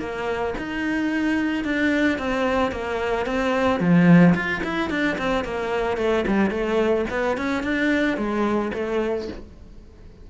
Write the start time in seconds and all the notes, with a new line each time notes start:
0.00 A#3
0.58 D#4
1.65 D4
2.19 C4
2.72 A#3
3.27 C4
3.80 F3
4.35 F4
4.64 E4
4.90 D4
5.18 C4
5.45 A#3
5.98 A3
6.28 G3
6.51 A3
7.11 B3
7.37 C#4
7.64 D4
8.18 G#3
8.74 A3